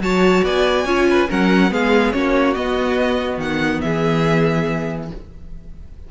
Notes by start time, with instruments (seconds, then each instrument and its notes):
0.00 cello F#3, viola F#4, violin C#5 A5
0.44 cello B3, violin D5 G#5
0.85 cello C#4, viola F4, violin C#5
1.10 violin B4
1.29 cello F#3, viola C#4, violin A#4 F#5
1.71 cello G#3, viola B3, violin G#4 F5
2.12 cello A#3, viola C#4, violin F#4 C#5
2.54 viola B3, cello B3, violin D#5
3.38 cello D#3, violin F#5
3.81 cello E3, violin G#4 E5